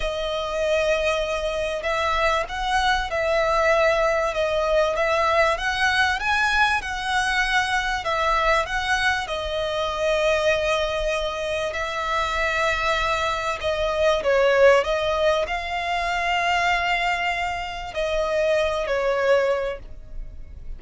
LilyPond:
\new Staff \with { instrumentName = "violin" } { \time 4/4 \tempo 4 = 97 dis''2. e''4 | fis''4 e''2 dis''4 | e''4 fis''4 gis''4 fis''4~ | fis''4 e''4 fis''4 dis''4~ |
dis''2. e''4~ | e''2 dis''4 cis''4 | dis''4 f''2.~ | f''4 dis''4. cis''4. | }